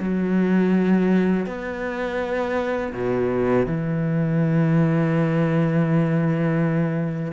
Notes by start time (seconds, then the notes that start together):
0.00 F#3
1.46 B3
2.93 B2
3.67 E3